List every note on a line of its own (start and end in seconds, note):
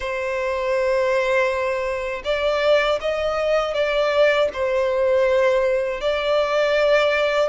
0.00 2.22 C5
2.24 2.99 D5
3.00 3.73 D#5
3.73 4.48 D5
4.53 6.00 C5
6.00 7.49 D5